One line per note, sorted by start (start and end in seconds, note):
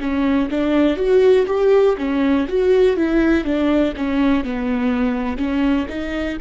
0.00 0.49 C#4
0.50 0.97 D4
0.97 1.46 F#4
1.47 1.96 G4
1.98 2.47 C#4
2.48 2.96 F#4
2.96 3.44 E4
3.44 3.93 D4
3.96 4.44 C#4
4.44 5.37 B3
5.37 5.86 C#4
5.88 6.38 D#4